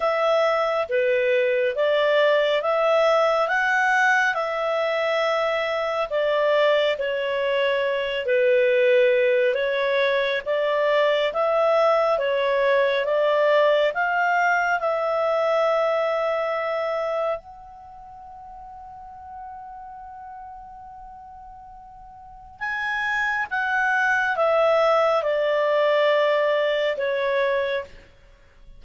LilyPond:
\new Staff \with { instrumentName = "clarinet" } { \time 4/4 \tempo 4 = 69 e''4 b'4 d''4 e''4 | fis''4 e''2 d''4 | cis''4. b'4. cis''4 | d''4 e''4 cis''4 d''4 |
f''4 e''2. | fis''1~ | fis''2 gis''4 fis''4 | e''4 d''2 cis''4 | }